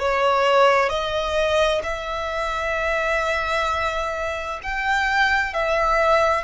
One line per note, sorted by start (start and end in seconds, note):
0.00 0.89 C#5
0.89 1.82 D#5
1.83 4.60 E5
4.63 5.54 G5
5.54 6.44 E5